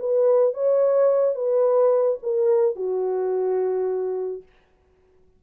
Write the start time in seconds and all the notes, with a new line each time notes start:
0.00 B4
0.54 C#5
1.35 B4
2.23 A#4
2.76 F#4